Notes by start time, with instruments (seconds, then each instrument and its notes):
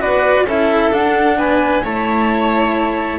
0.00 double bass B3, cello F#4, violin B4, flute D5
0.44 double bass C#4, cello E4, violin A4, flute E5
0.91 cello D4, double bass D4, flute F#5
1.38 double bass B3, violin B4, flute G#5
1.83 double bass A3, cello E4, violin C#5, flute A5